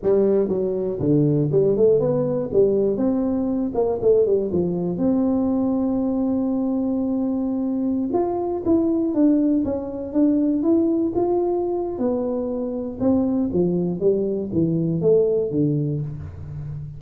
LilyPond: \new Staff \with { instrumentName = "tuba" } { \time 4/4 \tempo 4 = 120 g4 fis4 d4 g8 a8 | b4 g4 c'4. ais8 | a8 g8 f4 c'2~ | c'1~ |
c'16 f'4 e'4 d'4 cis'8.~ | cis'16 d'4 e'4 f'4.~ f'16 | b2 c'4 f4 | g4 e4 a4 d4 | }